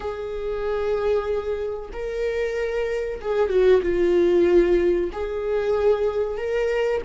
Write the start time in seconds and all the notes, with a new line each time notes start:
0.00 G#4
1.92 A#4
3.21 G#4
3.49 F#4
3.82 F4
5.12 G#4
6.37 A#4